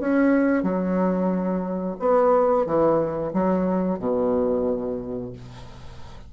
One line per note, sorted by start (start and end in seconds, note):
0.00 0.63 C#4
0.63 1.97 F#3
2.00 2.66 B3
2.66 3.33 E3
3.34 3.99 F#3
3.99 5.33 B2